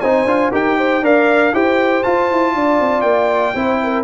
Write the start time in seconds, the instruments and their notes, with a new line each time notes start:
0.00 tuba C4, trombone D#4, horn C5, trumpet G#5
0.24 tuba D4, trombone F4
0.51 tuba D#4, trombone G4, horn A#4, trumpet G5
0.77 horn C5
1.01 tuba D4, trombone A#4, horn D5, trumpet F5
1.52 tuba E4, trombone G4, horn C5, trumpet G5
2.03 trombone F4, tuba F4, trumpet A5
2.31 tuba E4
2.54 tuba D4, horn D5
2.80 tuba C4
3.01 tuba A#3, trumpet G5
3.54 tuba C4, trombone E4, horn C5
3.83 horn A#4